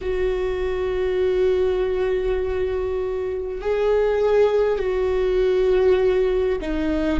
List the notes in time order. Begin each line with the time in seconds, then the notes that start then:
0.01 F#4
3.61 G#4
4.78 F#4
6.61 D#4